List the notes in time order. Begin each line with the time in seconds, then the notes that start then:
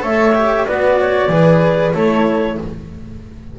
0.00 A3 A4 C#5 E5
0.35 G4
0.66 B3 F#4 B4 D5
0.99 C#5
1.28 E3 G#4 B4
1.93 A3 E4 A4 C#5